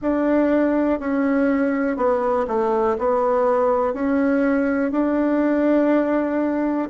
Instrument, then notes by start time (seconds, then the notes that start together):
bassoon
0.01 D4
0.99 C#4
1.96 B3
2.47 A3
2.98 B3
3.93 C#4
4.91 D4